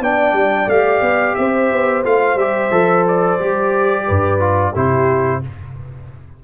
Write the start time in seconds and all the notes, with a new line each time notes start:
0.00 B3 D4 D5 G5
0.33 G3
0.67 A3 G4 F5
1.01 B3
1.35 C4 C5 E5
1.72 B3
2.04 A3 F4 F5
2.35 G3 G4 E5
2.71 F3 A4
3.07 D5
3.39 G3 G4
4.06 G2 B4
4.39 F4
4.73 C3 E4 G4 C5